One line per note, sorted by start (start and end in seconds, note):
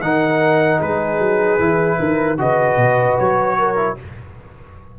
0.00 0.79 D#3
0.00 1.59 D#4
0.00 0.79 A#4
0.00 0.80 F#5
0.79 1.19 G#3
0.79 1.97 G#4
0.79 2.39 B4
1.19 1.58 F#3
1.59 1.98 E3
1.59 2.38 E4
1.99 2.38 D#3
1.99 2.39 A#4
2.38 2.76 C#3
2.38 3.76 F#4
2.38 3.58 B4
2.38 3.19 D#5
2.76 3.16 B2
3.19 3.99 F#3
3.19 3.98 C#5
3.58 3.98 A#4
3.76 3.96 E4